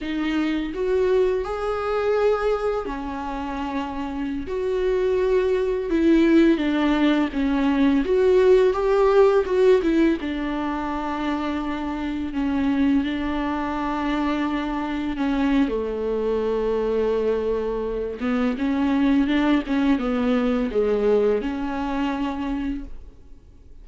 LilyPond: \new Staff \with { instrumentName = "viola" } { \time 4/4 \tempo 4 = 84 dis'4 fis'4 gis'2 | cis'2~ cis'16 fis'4.~ fis'16~ | fis'16 e'4 d'4 cis'4 fis'8.~ | fis'16 g'4 fis'8 e'8 d'4.~ d'16~ |
d'4~ d'16 cis'4 d'4.~ d'16~ | d'4~ d'16 cis'8. a2~ | a4. b8 cis'4 d'8 cis'8 | b4 gis4 cis'2 | }